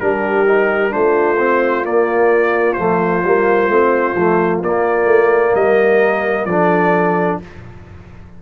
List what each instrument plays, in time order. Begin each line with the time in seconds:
0.00 tuba G3, trombone D4, horn G4, trumpet A#4
0.47 trombone D#4
0.90 tuba A3, trombone D4, horn F4, trumpet C5
1.38 trombone C4
1.83 trombone A#3, tuba A#3, trumpet D5
2.73 tuba F3, trombone A3, trumpet C5
3.24 tuba G3, trombone A#3
3.68 tuba A3, trombone C4
4.15 tuba F3, trombone A3
4.62 tuba A#3, trombone A#3, trumpet D5
5.06 tuba A3
5.54 tuba G3, horn A#4, trumpet D#5
6.45 tuba F3, trombone D4, horn A4, trumpet D5